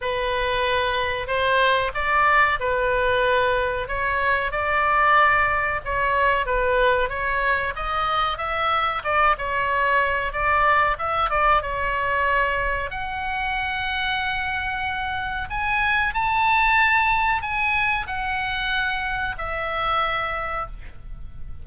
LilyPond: \new Staff \with { instrumentName = "oboe" } { \time 4/4 \tempo 4 = 93 b'2 c''4 d''4 | b'2 cis''4 d''4~ | d''4 cis''4 b'4 cis''4 | dis''4 e''4 d''8 cis''4. |
d''4 e''8 d''8 cis''2 | fis''1 | gis''4 a''2 gis''4 | fis''2 e''2 | }